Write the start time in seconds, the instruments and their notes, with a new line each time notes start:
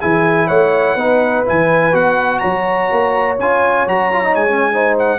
0.00 tuba E3, trombone E4, horn G#4, trumpet G#5
0.47 tuba A3, horn C#5, trumpet F#5
0.95 tuba B3, trombone D#4, horn B4
1.45 tuba E3, trombone E4, trumpet G#5
1.92 tuba B3, trombone F#4, trumpet F#5
2.38 tuba F#3, horn C#5, trumpet A#5
2.91 tuba A#3
3.39 tuba C#4, trombone F4, trumpet G#5
3.87 tuba F#3, trombone F#4, trumpet A#5
4.12 trombone F4
4.23 trombone D#4
4.35 tuba G#3, trumpet G#5
4.48 trombone C#4
4.72 trombone D#4, horn C5
4.99 trumpet F#5